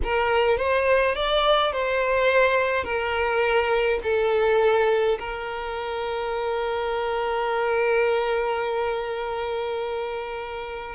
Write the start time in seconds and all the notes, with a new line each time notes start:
0.03 A#4
0.57 C5
1.15 D5
1.72 C5
2.84 A#4
4.03 A4
5.19 A#4